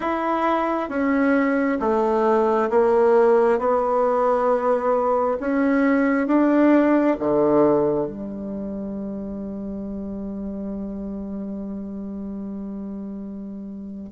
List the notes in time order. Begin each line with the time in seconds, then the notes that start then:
0.00 E4
0.89 C#4
1.80 A3
2.69 A#3
3.58 B3
5.40 C#4
6.27 D4
7.19 D3
8.06 G3